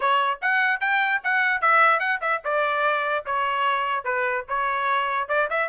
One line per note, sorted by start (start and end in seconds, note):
0.00 0.39 C#5
0.41 0.80 F#5
0.80 1.21 G5
1.23 1.61 F#5
1.61 1.99 E5
1.99 2.19 F#5
2.21 2.41 E5
2.44 3.25 D5
3.25 4.04 C#5
4.04 4.45 B4
4.48 5.28 C#5
5.28 5.48 D5
5.50 5.68 E5